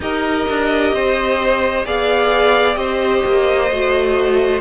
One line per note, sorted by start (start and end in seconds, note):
0.00 0.46 D#4
0.00 1.85 G4
0.00 0.94 A#4
0.00 1.85 D#5
0.49 0.92 D4
0.92 1.84 C4
0.92 1.86 C5
1.85 2.75 B3
1.85 2.74 G#4
1.85 2.78 D5
1.85 2.75 F5
2.74 3.22 C4
2.74 3.67 G4
2.74 4.61 C5
2.74 4.60 D#5
3.25 3.70 A#3
3.70 4.61 A3
3.70 4.61 F#4